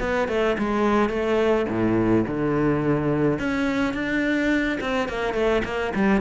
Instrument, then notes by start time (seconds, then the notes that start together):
cello
0.00 B3
0.28 A3
0.58 G#3
1.09 A3
1.69 A2
2.27 D3
3.39 C#4
3.94 D4
4.81 C4
5.09 A#3
5.34 A3
5.65 A#3
5.95 G3